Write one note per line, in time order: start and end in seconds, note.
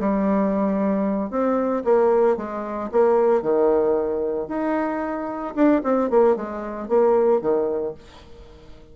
0.00 1.31 G3
1.31 1.84 C4
1.85 2.37 A#3
2.37 2.91 G#3
2.92 3.42 A#3
3.42 4.48 D#3
4.48 5.55 D#4
5.56 5.82 D4
5.84 6.10 C4
6.11 6.36 A#3
6.36 6.89 G#3
6.89 7.42 A#3
7.42 7.95 D#3